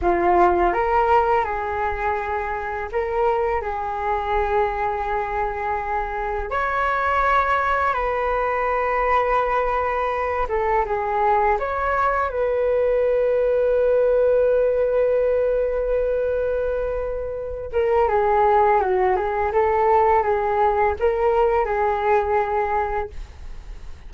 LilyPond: \new Staff \with { instrumentName = "flute" } { \time 4/4 \tempo 4 = 83 f'4 ais'4 gis'2 | ais'4 gis'2.~ | gis'4 cis''2 b'4~ | b'2~ b'8 a'8 gis'4 |
cis''4 b'2.~ | b'1~ | b'8 ais'8 gis'4 fis'8 gis'8 a'4 | gis'4 ais'4 gis'2 | }